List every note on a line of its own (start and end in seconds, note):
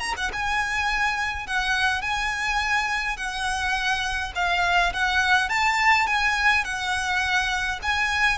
0.00 0.14 A#5
0.17 0.32 F#5
0.33 1.47 G#5
1.47 2.02 F#5
2.02 3.17 G#5
3.17 4.33 F#5
4.36 4.94 F5
4.94 5.50 F#5
5.50 6.07 A5
6.07 6.65 G#5
6.65 7.80 F#5
7.83 8.39 G#5